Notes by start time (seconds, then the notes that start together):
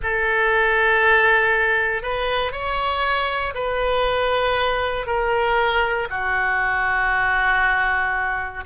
0.02 A4
2.02 B4
2.51 C#5
3.54 B4
5.06 A#4
6.10 F#4